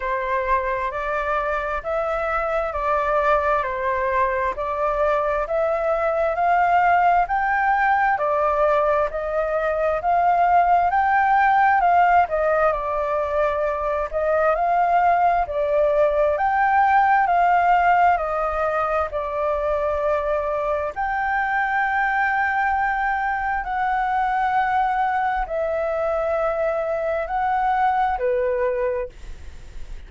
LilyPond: \new Staff \with { instrumentName = "flute" } { \time 4/4 \tempo 4 = 66 c''4 d''4 e''4 d''4 | c''4 d''4 e''4 f''4 | g''4 d''4 dis''4 f''4 | g''4 f''8 dis''8 d''4. dis''8 |
f''4 d''4 g''4 f''4 | dis''4 d''2 g''4~ | g''2 fis''2 | e''2 fis''4 b'4 | }